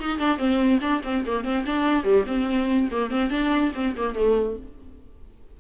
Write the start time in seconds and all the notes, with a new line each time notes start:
0.00 D#4
0.19 D4
0.38 C4
0.81 D4
1.04 C4
1.27 A#3
1.45 C4
1.66 D4
2.04 G3
2.27 C4
2.91 A#3
3.11 C4
3.31 D4
3.75 C4
3.97 A#3
4.15 A3